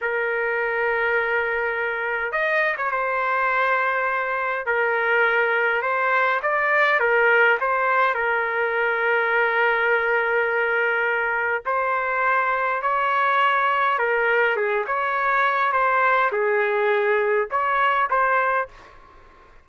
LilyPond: \new Staff \with { instrumentName = "trumpet" } { \time 4/4 \tempo 4 = 103 ais'1 | dis''8. cis''16 c''2. | ais'2 c''4 d''4 | ais'4 c''4 ais'2~ |
ais'1 | c''2 cis''2 | ais'4 gis'8 cis''4. c''4 | gis'2 cis''4 c''4 | }